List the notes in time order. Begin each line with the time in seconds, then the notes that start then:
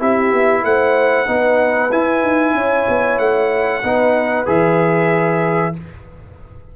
0.00 C4 E4 G4 E5
0.32 B3
0.64 A3 C5 F#5
1.27 B3 D#4 B4
1.92 E4 G#5
2.23 D#4
2.54 C#4 C#5
2.89 B3
3.19 A3 F#5
3.83 B3 D#4 B4
4.46 E3 G#4 E5